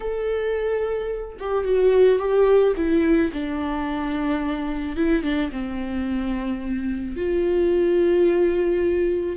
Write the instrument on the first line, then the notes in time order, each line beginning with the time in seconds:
viola
0.00 A4
1.39 G4
1.64 F#4
2.18 G4
2.76 E4
3.32 D4
4.96 E4
5.22 D4
5.51 C4
7.16 F4